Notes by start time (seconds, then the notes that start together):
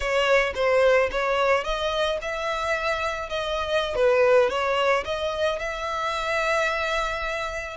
0.00 C#5
0.55 C5
1.11 C#5
1.63 D#5
2.21 E5
3.29 D#5
3.95 B4
4.49 C#5
5.04 D#5
5.59 E5